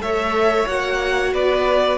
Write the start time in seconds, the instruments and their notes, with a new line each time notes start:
0.00 cello A3, viola A4, violin C#5 E5
0.66 cello A#3, viola F#4, violin F#5
1.32 cello B3, violin B4 D5